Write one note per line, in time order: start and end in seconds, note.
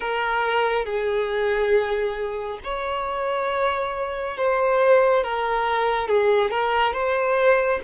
0.00 0.85 A#4
0.85 2.59 G#4
2.63 4.37 C#5
4.37 5.23 C5
5.23 6.08 A#4
6.08 6.50 G#4
6.50 6.93 A#4
6.93 7.80 C5